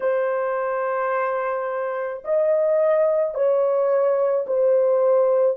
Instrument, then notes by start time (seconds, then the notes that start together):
horn
0.00 C5
2.24 D#5
3.34 C#5
4.46 C5